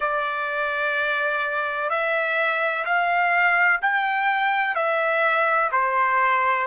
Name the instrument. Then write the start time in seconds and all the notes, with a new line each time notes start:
trumpet
0.00 D5
1.89 E5
2.85 F5
3.81 G5
4.75 E5
5.71 C5